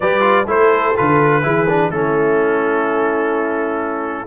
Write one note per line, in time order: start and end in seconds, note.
0.00 0.46 G3
0.00 0.20 G4
0.00 0.47 B4
0.00 0.48 D5
0.20 0.44 F4
0.46 0.94 A3
0.46 0.94 E4
0.46 1.43 A4
0.46 0.97 C5
0.96 1.45 D3
0.96 1.42 F4
0.96 1.90 B4
1.42 1.90 E3
1.42 1.66 E4
1.42 1.90 G#4
1.69 1.92 D4
1.90 4.26 A3
1.90 4.26 C#4
1.90 4.26 E4
1.90 4.26 A4